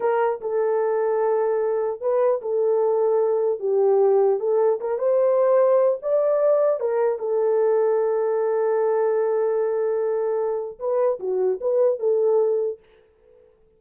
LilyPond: \new Staff \with { instrumentName = "horn" } { \time 4/4 \tempo 4 = 150 ais'4 a'2.~ | a'4 b'4 a'2~ | a'4 g'2 a'4 | ais'8 c''2~ c''8 d''4~ |
d''4 ais'4 a'2~ | a'1~ | a'2. b'4 | fis'4 b'4 a'2 | }